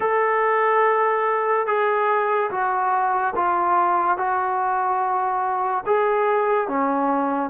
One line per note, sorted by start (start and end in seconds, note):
0.00 1.66 A4
1.67 2.50 G#4
2.50 3.34 F#4
3.35 4.17 F4
4.17 5.84 F#4
5.86 6.68 G#4
6.68 7.50 C#4